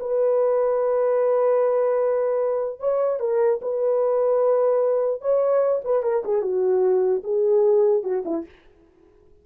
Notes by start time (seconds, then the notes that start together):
0.00 B4
2.79 C#5
3.20 A#4
3.61 B4
5.21 C#5
5.84 B4
6.03 A#4
6.25 G#4
6.41 F#4
7.23 G#4
8.03 F#4
8.25 E4